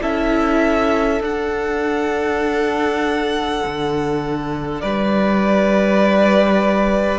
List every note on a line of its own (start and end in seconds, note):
0.00 1.21 C#4
0.00 1.20 E4
0.00 4.81 A4
0.00 1.22 E5
1.20 7.19 D4
1.20 3.60 D4
1.20 4.80 F#5
3.65 4.83 D3
4.80 7.19 G3
4.80 7.19 B4
4.80 7.19 D5